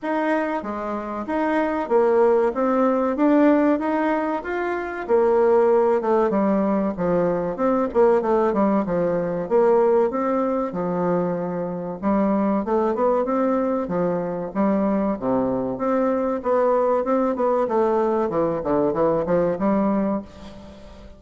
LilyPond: \new Staff \with { instrumentName = "bassoon" } { \time 4/4 \tempo 4 = 95 dis'4 gis4 dis'4 ais4 | c'4 d'4 dis'4 f'4 | ais4. a8 g4 f4 | c'8 ais8 a8 g8 f4 ais4 |
c'4 f2 g4 | a8 b8 c'4 f4 g4 | c4 c'4 b4 c'8 b8 | a4 e8 d8 e8 f8 g4 | }